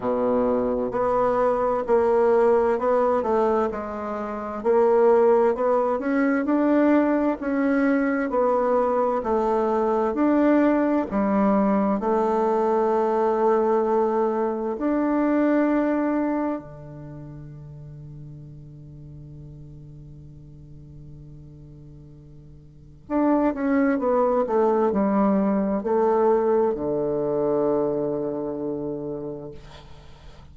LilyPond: \new Staff \with { instrumentName = "bassoon" } { \time 4/4 \tempo 4 = 65 b,4 b4 ais4 b8 a8 | gis4 ais4 b8 cis'8 d'4 | cis'4 b4 a4 d'4 | g4 a2. |
d'2 d2~ | d1~ | d4 d'8 cis'8 b8 a8 g4 | a4 d2. | }